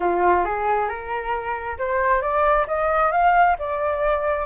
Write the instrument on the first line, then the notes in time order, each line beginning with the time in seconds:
flute
0.00 F4
0.44 G#4
0.88 A#4
1.78 C5
2.21 D5
2.67 D#5
3.11 F5
3.58 D5